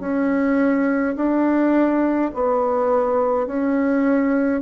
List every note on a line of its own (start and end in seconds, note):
0.00 1.15 C#4
1.16 2.31 D4
2.34 3.47 B3
3.47 4.62 C#4